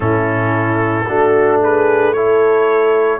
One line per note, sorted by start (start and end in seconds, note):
0.00 1.05 A2
0.00 1.05 C#4
0.00 1.06 E4
0.00 1.60 A4
1.06 3.20 A3
1.06 2.15 D4
1.06 1.60 F#4
1.61 2.15 G#4
1.61 2.13 B4
2.13 3.20 E4
2.13 3.20 A4
2.13 3.20 C#5